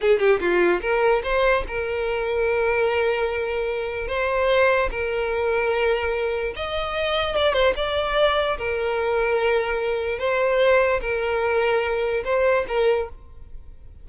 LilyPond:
\new Staff \with { instrumentName = "violin" } { \time 4/4 \tempo 4 = 147 gis'8 g'8 f'4 ais'4 c''4 | ais'1~ | ais'2 c''2 | ais'1 |
dis''2 d''8 c''8 d''4~ | d''4 ais'2.~ | ais'4 c''2 ais'4~ | ais'2 c''4 ais'4 | }